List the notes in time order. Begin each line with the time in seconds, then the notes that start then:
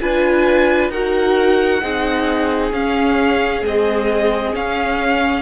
0.00 D4 F4 B4 G#5
0.89 D#4 F#4 A#4 F#5
1.81 C4 D#4 G#4
2.71 C#4 F5
3.62 G#3 C4 D#5
4.53 C#4 F5